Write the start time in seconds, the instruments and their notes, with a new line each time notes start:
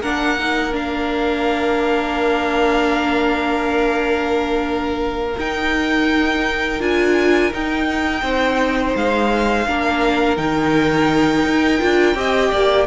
0.00 cello A#3, viola D4, violin A#4 F#5
0.39 viola D#4
0.71 viola D4, violin F5
5.37 cello D#4, viola D#4, violin G5
6.80 cello D4, viola F4, violin G#5
7.51 viola D#4, cello D#4, violin G5
8.22 cello C4, violin C5
8.96 cello G#3, violin F5
9.66 cello A#3, viola D4, violin A#4
10.37 cello D#3, viola D#4, violin G5
11.45 cello D#4
11.79 cello D4, viola F4
12.15 cello C4, viola G4, violin D#5
12.51 cello A#3, violin D5